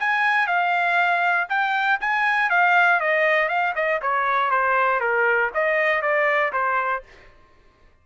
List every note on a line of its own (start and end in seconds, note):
0.00 0.47 G#5
0.47 1.48 F5
1.49 2.00 G5
2.01 2.50 G#5
2.50 3.00 F5
3.00 3.49 D#5
3.49 3.74 F5
3.76 4.01 D#5
4.02 4.51 C#5
4.51 5.00 C5
5.00 5.51 A#4
5.54 6.02 D#5
6.02 6.52 D5
6.53 7.03 C5